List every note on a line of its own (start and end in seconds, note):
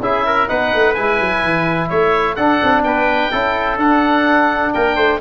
0.00 0.47 C#4
0.00 0.48 E4
0.00 0.26 G#4
0.00 0.48 E5
0.26 0.49 A#4
0.48 0.74 B3
0.48 0.95 D#4
0.48 1.89 B4
0.48 0.94 F#5
0.74 0.97 A3
0.94 1.20 G#3
0.94 2.38 E4
0.94 1.89 G#5
1.20 1.44 F#3
1.44 1.91 E3
1.89 2.37 A3
1.89 2.36 C#5
1.89 2.36 E5
2.36 2.61 D4
2.36 3.32 D4
2.36 2.83 A4
2.36 2.83 F#5
2.63 2.83 C4
2.83 3.30 B3
2.83 3.31 B4
2.83 3.78 G5
3.31 3.77 C#4
3.31 3.79 E4
3.31 4.73 A4
3.77 4.72 D4
3.77 5.20 D4
3.77 4.73 F#5
4.73 4.96 A#3
4.73 4.96 A#4
4.73 5.20 G5
4.96 5.19 A3
4.96 5.20 C5